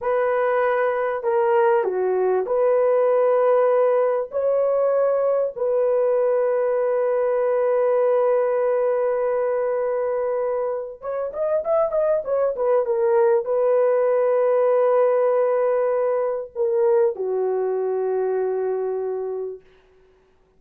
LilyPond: \new Staff \with { instrumentName = "horn" } { \time 4/4 \tempo 4 = 98 b'2 ais'4 fis'4 | b'2. cis''4~ | cis''4 b'2.~ | b'1~ |
b'2 cis''8 dis''8 e''8 dis''8 | cis''8 b'8 ais'4 b'2~ | b'2. ais'4 | fis'1 | }